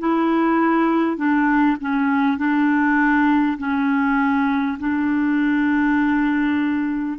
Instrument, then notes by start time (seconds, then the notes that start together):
clarinet
0.00 E4
1.17 D4
1.81 C#4
2.38 D4
3.58 C#4
4.79 D4